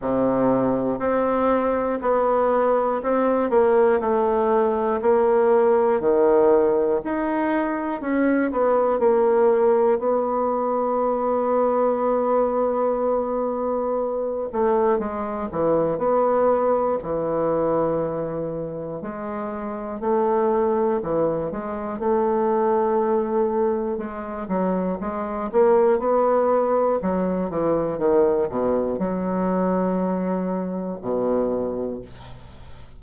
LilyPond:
\new Staff \with { instrumentName = "bassoon" } { \time 4/4 \tempo 4 = 60 c4 c'4 b4 c'8 ais8 | a4 ais4 dis4 dis'4 | cis'8 b8 ais4 b2~ | b2~ b8 a8 gis8 e8 |
b4 e2 gis4 | a4 e8 gis8 a2 | gis8 fis8 gis8 ais8 b4 fis8 e8 | dis8 b,8 fis2 b,4 | }